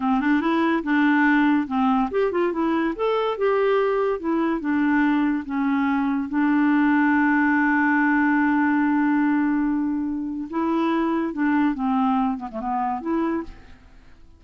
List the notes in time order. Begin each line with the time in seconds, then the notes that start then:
0.00 C4
0.20 D4
0.40 E4
0.83 D4
1.67 C4
2.11 G4
2.31 F4
2.52 E4
2.95 A4
3.37 G4
4.19 E4
4.60 D4
5.45 C#4
6.28 D4
10.50 E4
11.33 D4
11.74 C4
12.37 B3
12.51 A3
12.60 B3
13.01 E4